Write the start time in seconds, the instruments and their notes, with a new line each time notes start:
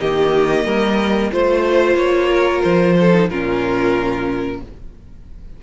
0.00 cello D#3, viola A#3, violin G4 D#5
0.65 cello G3, violin A#4
1.31 cello A3, viola F4, violin C5
1.95 cello A#3, violin C#5
2.30 violin A#4
2.63 cello F3, violin C5
3.00 violin A4
3.13 viola D#4
3.29 cello A#2, viola C#4, violin F4 A#4